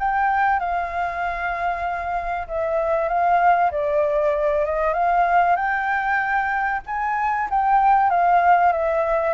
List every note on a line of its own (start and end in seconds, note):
0.00 0.60 G5
0.60 2.47 F5
2.48 3.09 E5
3.09 3.71 F5
3.72 4.65 D5
4.66 4.94 D#5
4.94 5.56 F5
5.56 6.81 G5
6.86 7.49 G#5
7.50 8.10 G5
8.10 8.72 F5
8.72 9.34 E5